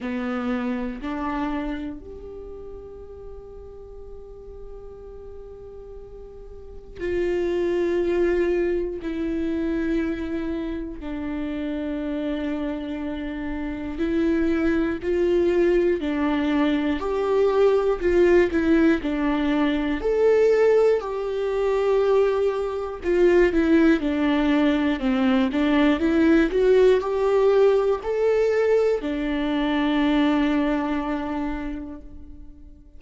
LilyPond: \new Staff \with { instrumentName = "viola" } { \time 4/4 \tempo 4 = 60 b4 d'4 g'2~ | g'2. f'4~ | f'4 e'2 d'4~ | d'2 e'4 f'4 |
d'4 g'4 f'8 e'8 d'4 | a'4 g'2 f'8 e'8 | d'4 c'8 d'8 e'8 fis'8 g'4 | a'4 d'2. | }